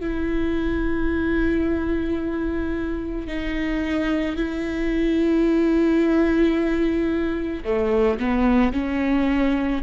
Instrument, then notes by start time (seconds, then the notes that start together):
viola
0.00 E4
3.27 D#4
4.36 E4
7.64 A3
8.19 B3
8.73 C#4